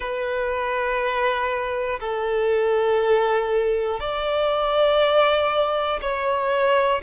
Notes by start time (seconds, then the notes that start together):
0.00 B4
2.00 A4
4.00 D5
6.01 C#5